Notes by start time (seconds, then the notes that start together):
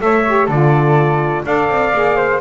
0.00 A3 A4 C#5 E5
0.27 G4
0.47 D3 F4 A4 D5
1.46 D4 A4 D5 F5
1.69 C4
1.94 A#3 G#4
2.17 C5